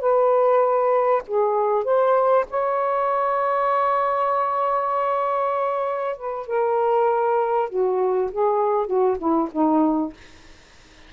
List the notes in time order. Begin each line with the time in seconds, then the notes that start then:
0.00 B4
1.27 G#4
1.84 C5
2.50 C#5
6.16 B4
6.47 A#4
7.69 F#4
8.31 G#4
8.86 F#4
9.18 E4
9.51 D#4